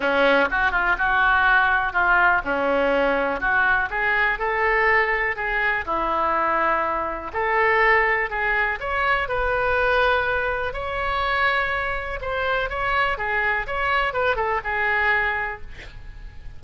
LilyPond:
\new Staff \with { instrumentName = "oboe" } { \time 4/4 \tempo 4 = 123 cis'4 fis'8 f'8 fis'2 | f'4 cis'2 fis'4 | gis'4 a'2 gis'4 | e'2. a'4~ |
a'4 gis'4 cis''4 b'4~ | b'2 cis''2~ | cis''4 c''4 cis''4 gis'4 | cis''4 b'8 a'8 gis'2 | }